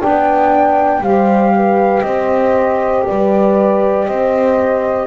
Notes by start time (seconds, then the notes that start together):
0.00 B3 D4 D5 G5
1.00 G3 G4 C5 F5
1.56 B4
2.02 C4 C5 D#5
3.06 G3 B4 D5
4.07 C4 C5 D#5